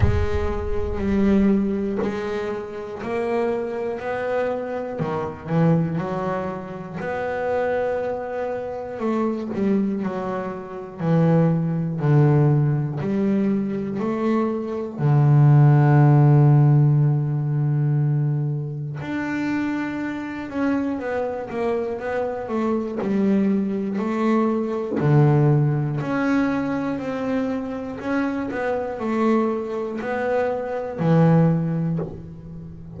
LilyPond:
\new Staff \with { instrumentName = "double bass" } { \time 4/4 \tempo 4 = 60 gis4 g4 gis4 ais4 | b4 dis8 e8 fis4 b4~ | b4 a8 g8 fis4 e4 | d4 g4 a4 d4~ |
d2. d'4~ | d'8 cis'8 b8 ais8 b8 a8 g4 | a4 d4 cis'4 c'4 | cis'8 b8 a4 b4 e4 | }